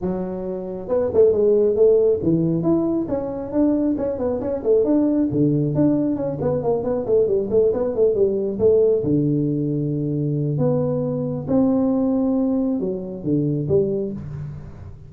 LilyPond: \new Staff \with { instrumentName = "tuba" } { \time 4/4 \tempo 4 = 136 fis2 b8 a8 gis4 | a4 e4 e'4 cis'4 | d'4 cis'8 b8 cis'8 a8 d'4 | d4 d'4 cis'8 b8 ais8 b8 |
a8 g8 a8 b8 a8 g4 a8~ | a8 d2.~ d8 | b2 c'2~ | c'4 fis4 d4 g4 | }